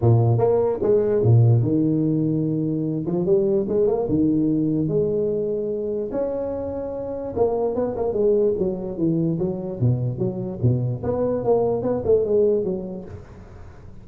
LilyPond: \new Staff \with { instrumentName = "tuba" } { \time 4/4 \tempo 4 = 147 ais,4 ais4 gis4 ais,4 | dis2.~ dis8 f8 | g4 gis8 ais8 dis2 | gis2. cis'4~ |
cis'2 ais4 b8 ais8 | gis4 fis4 e4 fis4 | b,4 fis4 b,4 b4 | ais4 b8 a8 gis4 fis4 | }